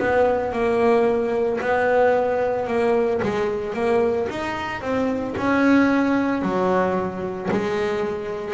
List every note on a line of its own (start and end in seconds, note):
0.00 0.53 B3
0.53 1.60 A#3
1.61 2.68 B3
2.68 3.21 A#3
3.23 3.74 G#3
3.74 4.28 A#3
4.30 4.82 D#4
4.82 5.35 C4
5.38 6.42 C#4
6.42 7.50 F#3
7.52 8.55 G#3